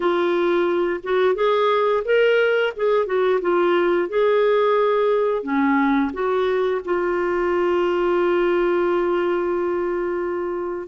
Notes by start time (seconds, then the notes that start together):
0.00 F4
1.03 F#4
1.35 G#4
2.05 A#4
2.76 G#4
3.06 F#4
3.41 F4
4.08 G#4
5.42 C#4
6.13 F#4
6.84 F4